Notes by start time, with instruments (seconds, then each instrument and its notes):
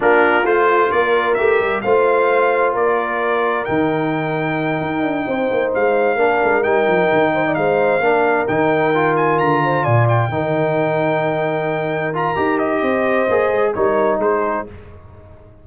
0.00 tuba A#3, trombone D4, horn F4, trumpet A#4
0.45 tuba A3, trombone F4, trumpet C5
0.91 tuba A#3, horn A#4, trumpet D5
1.34 tuba A3, trombone G4, trumpet E5
1.59 tuba G3
1.81 tuba A3, trombone F4, horn C5, trumpet F5
2.73 tuba A#3, horn A#4, trumpet D5
3.65 tuba D#3, trombone D#4, trumpet G5
4.80 tuba D#4
5.02 tuba D4
5.27 tuba C4, horn C5
5.50 tuba A#3
5.74 tuba G#3, trumpet F5
6.15 tuba A#3, trombone D4, horn A#4
6.43 tuba G#3
6.63 tuba G3, trombone D#4, trumpet G5
6.87 tuba F3
7.12 tuba D#3
7.34 horn C5
7.46 horn D5
7.54 tuba G#3, horn C5, trumpet F5
7.99 tuba A#3, trombone D4, horn A#4
8.47 tuba D#3, trombone D#4, trumpet G5
8.94 trombone F4
9.16 trumpet G#5
9.38 tuba D3, trumpet A#5
9.64 horn C5
9.83 tuba A#2, horn D5, trumpet G#5
10.08 trumpet G5
10.29 tuba D#3, trombone D#4, horn A#4
12.13 trombone F4, trumpet A#5
12.35 tuba D#4, trombone G4
12.58 trumpet D#5
12.81 tuba C4, horn C5
13.29 tuba A#3, trombone G#4
13.51 tuba G#3
13.73 tuba G3, trombone D#4, horn A#4, trumpet C#5
14.18 tuba G#3, horn G#4, trumpet C5